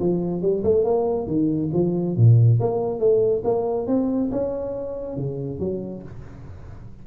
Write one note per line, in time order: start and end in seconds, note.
0.00 0.42 F3
0.42 0.64 G3
0.64 0.85 A3
0.85 1.27 A#3
1.27 1.71 D#3
1.74 2.17 F3
2.17 2.60 A#2
2.60 3.00 A#3
3.00 3.43 A3
3.45 3.87 A#3
3.87 4.30 C4
4.32 5.17 C#4
5.17 5.60 C#3
5.60 6.03 F#3